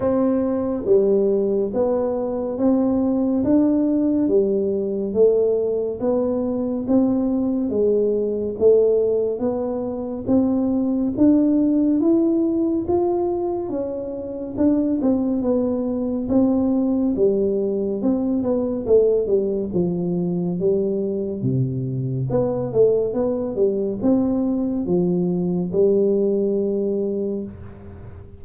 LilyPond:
\new Staff \with { instrumentName = "tuba" } { \time 4/4 \tempo 4 = 70 c'4 g4 b4 c'4 | d'4 g4 a4 b4 | c'4 gis4 a4 b4 | c'4 d'4 e'4 f'4 |
cis'4 d'8 c'8 b4 c'4 | g4 c'8 b8 a8 g8 f4 | g4 c4 b8 a8 b8 g8 | c'4 f4 g2 | }